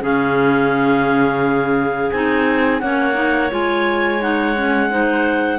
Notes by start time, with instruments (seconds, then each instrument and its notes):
0.00 cello C#3, clarinet C#4 G#4 F5
2.11 cello C4, clarinet D#4 G#5
2.81 cello A#3, clarinet C#4 C#5 F#5
3.14 clarinet D#4
3.51 cello G#3, clarinet F4 G#5
4.20 clarinet D#4 F#5
4.56 clarinet C#4
4.90 clarinet D#4 C5